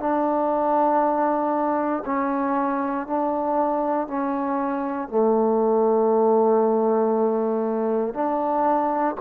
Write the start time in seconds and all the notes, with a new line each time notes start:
0.00 D4
2.06 C#4
3.07 D4
4.08 C#4
5.09 A3
8.14 D4